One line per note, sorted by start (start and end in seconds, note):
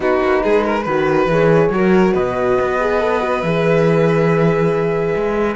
0.00 0.20 B3
0.00 0.83 D#4
0.00 0.43 F#4
0.00 1.29 B4
0.22 0.44 A#3
0.43 0.86 G#3
0.43 0.64 G#4
0.64 0.83 A#4
0.83 1.26 D#3
0.83 1.30 F#4
0.83 1.69 B4
1.26 1.69 E3
1.26 1.72 G#4
1.26 2.14 C#5
1.69 2.12 F#3
1.69 2.80 F#4
1.69 2.13 A#4
2.13 2.58 B2
2.13 5.56 B4
2.13 3.42 D#5
2.60 3.43 B3
2.80 2.99 G#4
2.99 3.20 A4
3.20 3.42 F#4
3.42 5.14 E3
3.42 5.56 G#4
3.42 5.56 E5
5.15 5.56 G#3